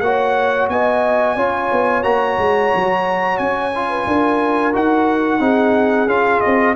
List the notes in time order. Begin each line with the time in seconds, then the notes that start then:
0.00 A#3 F#4 C#5 F#5
0.69 B3 D#5 G#5
1.36 C#4 F4 C#5
1.72 B3
2.03 A#3 F#4 A#5
2.38 G#3
2.75 F#3
3.37 C#4 G#5
3.75 F4
3.89 B4
4.06 D4 A#4
4.72 D#4 F#4 F#5
5.40 C4 D#4 G#4
6.06 C#4 F4 F5
6.40 C4 D#5